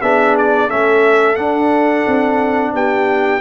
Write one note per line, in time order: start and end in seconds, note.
0.00 0.70 B3
0.00 0.69 D4
0.00 0.68 G#4
0.00 0.36 E5
0.37 0.70 D5
0.68 1.37 A3
0.68 1.36 C#4
0.68 2.72 A4
0.68 1.36 E5
1.36 3.41 D4
1.36 2.05 D4
1.36 2.72 F#5
2.07 2.74 C4
2.74 3.41 B3
2.74 3.41 G4
2.74 3.41 G5